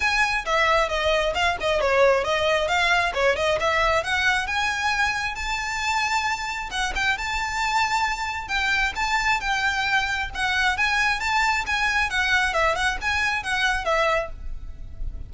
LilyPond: \new Staff \with { instrumentName = "violin" } { \time 4/4 \tempo 4 = 134 gis''4 e''4 dis''4 f''8 dis''8 | cis''4 dis''4 f''4 cis''8 dis''8 | e''4 fis''4 gis''2 | a''2. fis''8 g''8 |
a''2. g''4 | a''4 g''2 fis''4 | gis''4 a''4 gis''4 fis''4 | e''8 fis''8 gis''4 fis''4 e''4 | }